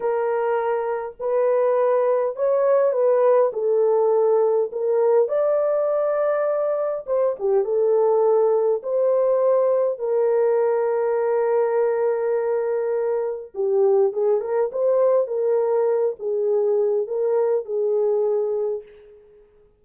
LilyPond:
\new Staff \with { instrumentName = "horn" } { \time 4/4 \tempo 4 = 102 ais'2 b'2 | cis''4 b'4 a'2 | ais'4 d''2. | c''8 g'8 a'2 c''4~ |
c''4 ais'2.~ | ais'2. g'4 | gis'8 ais'8 c''4 ais'4. gis'8~ | gis'4 ais'4 gis'2 | }